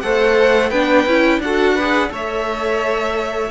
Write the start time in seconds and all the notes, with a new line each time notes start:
0.00 A3 A4 C5 F#5
0.70 B3 D4 B4 G5
1.06 C#4 E4
1.39 D4 F#4 A4 F#5
1.74 G#4 B4
2.09 A3 A4 C#5 E5